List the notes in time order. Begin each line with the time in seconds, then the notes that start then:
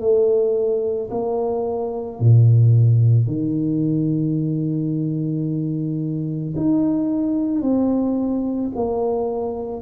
0.00 A3
1.10 A#3
2.19 A#2
3.26 D#3
6.56 D#4
7.62 C4
8.75 A#3